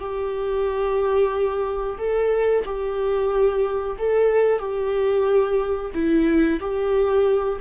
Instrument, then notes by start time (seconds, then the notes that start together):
viola
0.00 G4
1.98 A4
2.65 G4
3.99 A4
4.59 G4
5.94 E4
6.60 G4